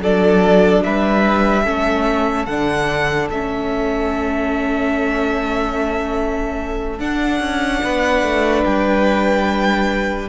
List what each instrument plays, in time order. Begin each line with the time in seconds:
0.00 cello F#3, viola D4, violin A4 D5
0.84 cello G3, violin B4 E5
1.64 cello A3, viola C#4, violin A4
2.46 cello D3, viola D4, violin F#5
3.30 cello A3, viola C#4, violin E5
6.99 viola D4, cello D4, violin F#5
7.41 cello C#4
7.84 cello B3, violin B4
8.23 cello A3
8.65 cello G3, violin G5